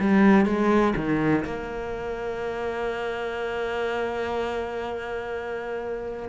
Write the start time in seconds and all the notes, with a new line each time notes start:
0.00 G3
0.45 G#3
0.96 D#3
1.45 A#3